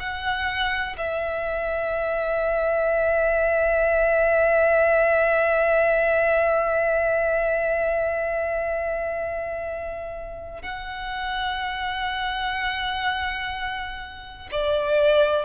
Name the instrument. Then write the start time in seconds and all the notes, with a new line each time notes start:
violin
0.00 F#5
0.98 E5
10.63 F#5
14.52 D5